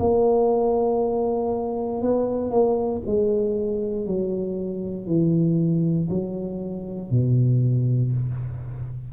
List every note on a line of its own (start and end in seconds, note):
0.00 2.02 A#3
2.02 2.51 B3
2.51 3.02 A#3
3.06 4.07 G#3
4.07 5.07 F#3
5.07 6.09 E3
6.11 7.11 F#3
7.11 8.13 B2